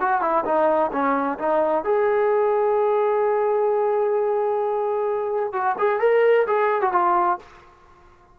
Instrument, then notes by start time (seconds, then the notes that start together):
trombone
0.00 F#4
0.21 E4
0.45 D#4
0.92 C#4
1.38 D#4
1.84 G#4
5.53 F#4
5.79 G#4
6.00 A#4
6.47 G#4
6.81 F#4
6.92 F4